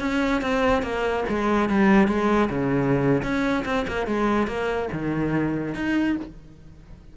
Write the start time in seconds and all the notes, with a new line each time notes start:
0.00 C#4
0.42 C4
0.83 A#3
1.29 G#3
1.70 G3
2.08 G#3
2.50 C#3
3.23 C#4
3.66 C4
3.88 A#3
4.07 G#3
4.47 A#3
4.93 D#3
5.74 D#4